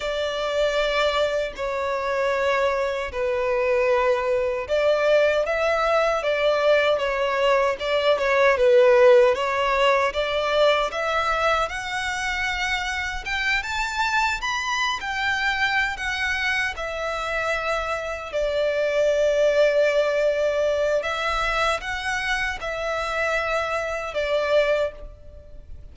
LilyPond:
\new Staff \with { instrumentName = "violin" } { \time 4/4 \tempo 4 = 77 d''2 cis''2 | b'2 d''4 e''4 | d''4 cis''4 d''8 cis''8 b'4 | cis''4 d''4 e''4 fis''4~ |
fis''4 g''8 a''4 b''8. g''8.~ | g''8 fis''4 e''2 d''8~ | d''2. e''4 | fis''4 e''2 d''4 | }